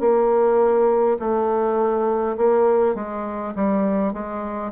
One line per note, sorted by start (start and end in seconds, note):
0.00 1.18 A#3
1.19 2.37 A3
2.37 2.95 A#3
2.95 3.54 G#3
3.55 4.13 G3
4.13 4.72 G#3